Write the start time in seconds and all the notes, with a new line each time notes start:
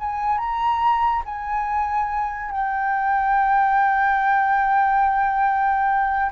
0.00 G#5
0.38 A#5
1.25 G#5
2.52 G5